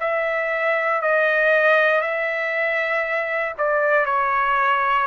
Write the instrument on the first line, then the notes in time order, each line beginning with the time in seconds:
trumpet
0.00 E5
1.02 D#5
2.01 E5
3.58 D5
4.05 C#5